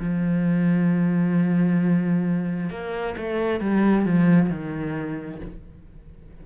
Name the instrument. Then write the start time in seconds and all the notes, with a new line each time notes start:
cello
0.00 F3
2.71 A#3
3.18 A3
3.61 G3
4.05 F3
4.50 D#3